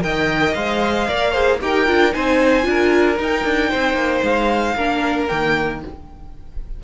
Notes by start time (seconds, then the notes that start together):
0.00 D#3 A#4 D#5 G5
0.54 G#3 C5 F5
1.08 A#3 A#4 D5
1.31 G#4 C5
1.61 D#4 G4 A#4 G5
1.87 D4 F4
2.11 C4 D#4 C5 G#5
2.62 D4 F4
2.69 A#4
3.16 D#4 G5
3.45 D4
3.70 C4 C5
3.94 A#3
4.23 G#3 F5
4.76 A#3 D4 A#4
5.27 D#3 A#3 G5